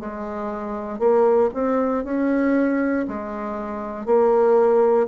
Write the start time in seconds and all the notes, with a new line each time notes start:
0.00 G#3
0.99 A#3
1.54 C4
2.05 C#4
3.08 G#3
4.06 A#3